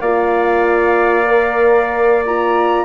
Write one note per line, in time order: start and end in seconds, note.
0.00 2.84 A#3
0.00 1.25 F4
0.00 2.84 D5
0.00 2.23 F5
1.25 2.21 A#4
2.25 2.84 F4
2.25 2.84 A#5